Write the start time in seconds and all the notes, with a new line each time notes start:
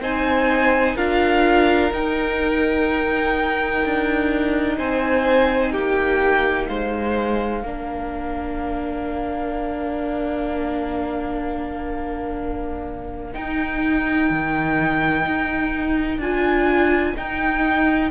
0.00 C4 D#4 C5 G#5
0.95 D4 F4 A#4 F5
1.92 D#4 G5
3.85 D4
4.78 C4 C5 G#5
5.72 A#3 G4 G5
6.66 G#3 C5 F5
7.63 A#3 D4 A#4
13.33 D#4 G5
14.30 D#3
15.26 D#4
16.18 D4 F4 G#5
17.15 D#4 G5